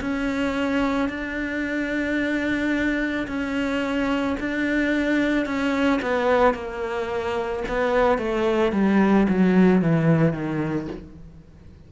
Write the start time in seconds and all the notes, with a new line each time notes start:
0.00 C#4
1.09 D4
3.27 C#4
4.39 D4
5.45 C#4
6.01 B3
6.54 A#3
7.68 B3
8.18 A3
8.72 G3
9.29 F#3
9.81 E3
10.32 D#3